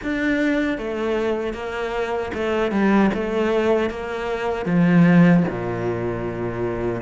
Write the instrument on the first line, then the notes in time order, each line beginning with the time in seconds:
cello
0.03 D4
0.78 A3
1.53 A#3
2.34 A3
2.71 G3
3.14 A3
3.90 A#3
4.65 F3
5.49 A#2